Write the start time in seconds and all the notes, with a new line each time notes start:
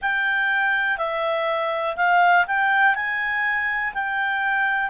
0.01 G5
0.97 E5
1.96 F5
2.47 G5
2.95 G#5
3.93 G5